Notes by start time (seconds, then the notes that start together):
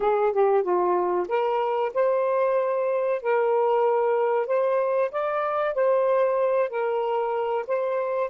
0.00 G#4
0.32 G4
0.63 F4
1.28 A#4
1.94 C5
3.21 A#4
4.47 C5
5.11 D5
5.74 C5
6.69 A#4
7.67 C5